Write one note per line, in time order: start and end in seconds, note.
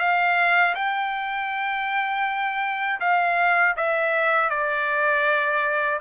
0.00 0.75 F5
0.75 3.00 G5
3.01 3.76 F5
3.77 4.50 E5
4.50 6.00 D5